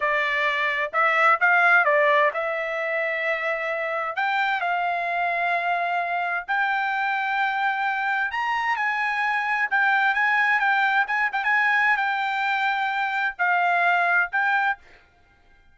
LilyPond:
\new Staff \with { instrumentName = "trumpet" } { \time 4/4 \tempo 4 = 130 d''2 e''4 f''4 | d''4 e''2.~ | e''4 g''4 f''2~ | f''2 g''2~ |
g''2 ais''4 gis''4~ | gis''4 g''4 gis''4 g''4 | gis''8 g''16 gis''4~ gis''16 g''2~ | g''4 f''2 g''4 | }